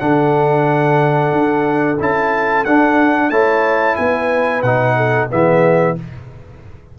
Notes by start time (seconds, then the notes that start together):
0.00 D3 D4 A4 F#5
1.32 D4
2.00 C#4 E4 A5
2.65 D4 F#5
3.30 A3 E4 C#5 A5
3.96 B3 B4 G#5
4.62 B2 D#4 F#5
4.97 A4
5.30 E3 B3 G#4 E5